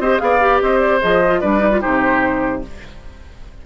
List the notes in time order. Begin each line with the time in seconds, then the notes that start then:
0.00 C4 G4 C5 D#5
0.19 B3 G#4 D5 F5
0.40 G4
0.62 C4 C5 D#5
0.80 D5
1.01 F3 G#4 D#5
1.27 F4
1.41 G3 D4 B4 D5
1.59 D#4
1.71 F4
1.81 C3 D#4 G4 C5